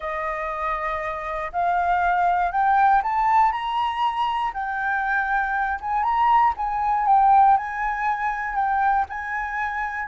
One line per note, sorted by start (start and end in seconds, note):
0.00 1.51 D#5
1.52 2.51 F5
2.51 3.02 G5
3.02 3.52 A5
3.52 4.52 A#5
4.53 5.79 G5
5.80 6.03 G#5
6.03 6.53 A#5
6.56 7.06 G#5
7.06 7.57 G5
7.57 8.55 G#5
8.55 9.05 G5
9.09 10.08 G#5